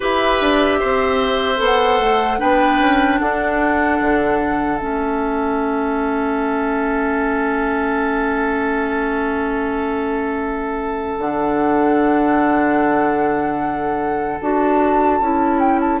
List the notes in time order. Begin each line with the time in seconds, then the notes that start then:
0.00 E4 G4 B4 E5
0.41 D4
0.79 C4 C5
1.56 B3 A4
1.65 F#5
1.99 A3
2.38 B3 D4 B4 G5
2.80 C#4
3.19 D4 A4 F#5
4.00 D3
4.78 A3 C#4 E5
11.18 D3 D4 F#5
14.41 D4 F#4 A5
15.20 C#4 E4
15.59 G5
15.80 A5